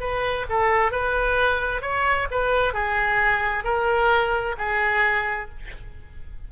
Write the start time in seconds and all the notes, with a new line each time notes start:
0.00 B4
0.49 A4
0.91 B4
1.82 C#5
2.30 B4
2.73 G#4
3.64 A#4
4.58 G#4